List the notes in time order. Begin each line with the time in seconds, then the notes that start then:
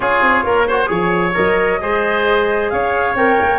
0.00 C#4 F4 G#4 C#5
0.21 C4
0.43 A#3 A#4
0.67 F#4 C5
0.86 F3 G#4 C#5
1.34 F#3 A#4 D#5
1.80 G#3 G#4 C5
2.70 C#4 C#5 F5
3.14 C4 A#4 G5
3.40 A#3